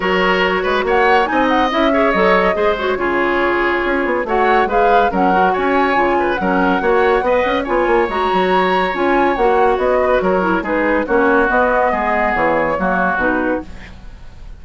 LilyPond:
<<
  \new Staff \with { instrumentName = "flute" } { \time 4/4 \tempo 4 = 141 cis''2 fis''4 gis''8 fis''8 | e''4 dis''4. cis''4.~ | cis''2 fis''4 f''4 | fis''4 gis''2 fis''4~ |
fis''2 gis''4 ais''4~ | ais''4 gis''4 fis''4 dis''4 | cis''4 b'4 cis''4 dis''4~ | dis''4 cis''2 b'4 | }
  \new Staff \with { instrumentName = "oboe" } { \time 4/4 ais'4. b'8 cis''4 dis''4~ | dis''8 cis''4. c''4 gis'4~ | gis'2 cis''4 b'4 | ais'4 cis''4. b'8 ais'4 |
cis''4 dis''4 cis''2~ | cis''2.~ cis''8 b'8 | ais'4 gis'4 fis'2 | gis'2 fis'2 | }
  \new Staff \with { instrumentName = "clarinet" } { \time 4/4 fis'2. dis'4 | e'8 gis'8 a'4 gis'8 fis'8 f'4~ | f'2 fis'4 gis'4 | cis'8 fis'4. f'4 cis'4 |
fis'4 b'4 f'4 fis'4~ | fis'4 f'4 fis'2~ | fis'8 e'8 dis'4 cis'4 b4~ | b2 ais4 dis'4 | }
  \new Staff \with { instrumentName = "bassoon" } { \time 4/4 fis4. gis8 ais4 c'4 | cis'4 fis4 gis4 cis4~ | cis4 cis'8 b8 a4 gis4 | fis4 cis'4 cis4 fis4 |
ais4 b8 cis'8 b8 ais8 gis8 fis8~ | fis4 cis'4 ais4 b4 | fis4 gis4 ais4 b4 | gis4 e4 fis4 b,4 | }
>>